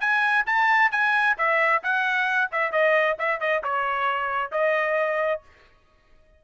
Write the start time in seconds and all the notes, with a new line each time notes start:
0.00 G#5
0.46 A5
0.91 G#5
1.37 E5
1.83 F#5
2.52 E5
2.71 D#5
3.18 E5
3.40 D#5
3.63 C#5
4.51 D#5